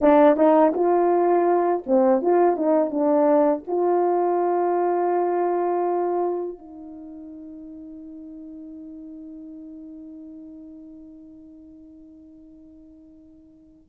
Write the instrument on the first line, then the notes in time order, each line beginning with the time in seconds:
horn
0.01 D4
0.36 D#4
0.74 F4
1.86 C4
2.22 F4
2.56 D#4
2.90 D4
3.67 F4
6.58 D#4